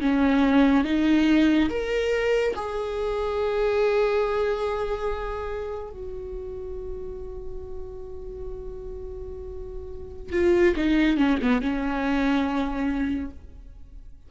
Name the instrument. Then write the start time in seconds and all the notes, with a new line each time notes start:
viola
0.00 C#4
0.84 D#4
1.69 A#4
2.55 G#4
5.90 F#4
10.32 F4
10.76 D#4
11.17 C#4
11.42 B3
11.61 C#4